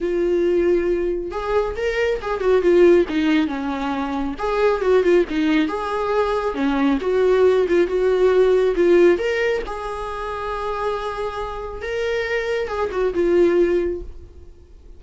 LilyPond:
\new Staff \with { instrumentName = "viola" } { \time 4/4 \tempo 4 = 137 f'2. gis'4 | ais'4 gis'8 fis'8 f'4 dis'4 | cis'2 gis'4 fis'8 f'8 | dis'4 gis'2 cis'4 |
fis'4. f'8 fis'2 | f'4 ais'4 gis'2~ | gis'2. ais'4~ | ais'4 gis'8 fis'8 f'2 | }